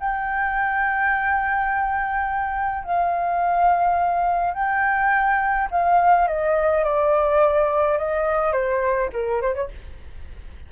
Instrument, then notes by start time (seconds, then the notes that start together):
flute
0.00 G5
2.84 F5
4.54 G5
5.71 F5
6.28 D#5
6.84 D5
7.98 D#5
8.53 C5
9.13 A#4
9.42 C5
9.54 C#5